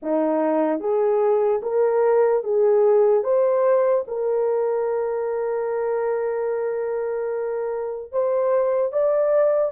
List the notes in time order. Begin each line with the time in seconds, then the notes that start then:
0.02 D#4
0.80 G#4
1.62 A#4
2.43 G#4
3.23 C5
4.07 A#4
8.12 C5
8.92 D5